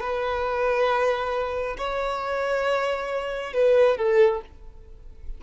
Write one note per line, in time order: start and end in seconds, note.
0.00 1.76 B4
1.77 3.53 C#5
3.53 3.97 B4
3.97 4.41 A4